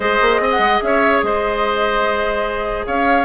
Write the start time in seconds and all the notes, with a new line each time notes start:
0.00 G#3 G#4 C5 D#5
0.21 A#3
0.39 C4 D#5
0.50 F#5
0.58 G#3
0.82 C#4 C#5 E5
1.22 G#3 C5 D#5
2.86 C#4 C#5 F5